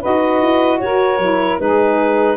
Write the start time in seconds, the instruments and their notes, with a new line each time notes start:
0.00 tuba D#4, saxophone F#4 B4, clarinet D#5
0.42 tuba E4
0.80 tuba F#4, saxophone A#4, clarinet C#5
1.19 tuba F#3, saxophone E4
1.59 tuba G#3, saxophone D#4 G#4, clarinet B4